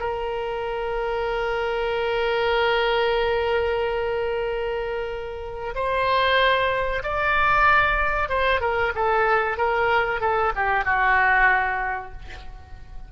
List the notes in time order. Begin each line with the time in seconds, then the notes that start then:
0.00 A#4
5.75 C5
7.03 D5
8.29 C5
8.61 A#4
8.95 A4
9.58 A#4
10.21 A4
10.56 G4
10.85 F#4